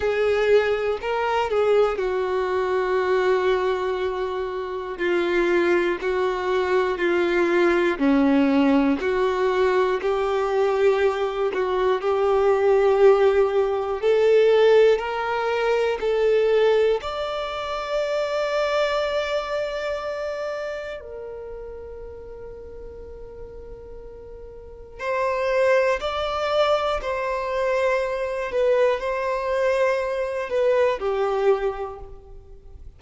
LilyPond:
\new Staff \with { instrumentName = "violin" } { \time 4/4 \tempo 4 = 60 gis'4 ais'8 gis'8 fis'2~ | fis'4 f'4 fis'4 f'4 | cis'4 fis'4 g'4. fis'8 | g'2 a'4 ais'4 |
a'4 d''2.~ | d''4 ais'2.~ | ais'4 c''4 d''4 c''4~ | c''8 b'8 c''4. b'8 g'4 | }